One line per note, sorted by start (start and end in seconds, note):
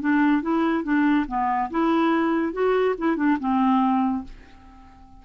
0.00 0.41 D4
0.41 0.83 E4
0.83 1.26 D4
1.28 1.70 B3
1.70 2.52 E4
2.52 2.95 F#4
2.98 3.16 E4
3.16 3.37 D4
3.39 4.24 C4